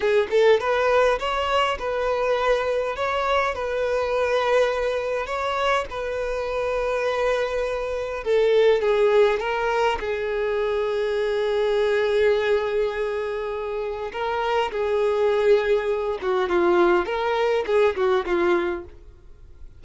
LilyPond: \new Staff \with { instrumentName = "violin" } { \time 4/4 \tempo 4 = 102 gis'8 a'8 b'4 cis''4 b'4~ | b'4 cis''4 b'2~ | b'4 cis''4 b'2~ | b'2 a'4 gis'4 |
ais'4 gis'2.~ | gis'1 | ais'4 gis'2~ gis'8 fis'8 | f'4 ais'4 gis'8 fis'8 f'4 | }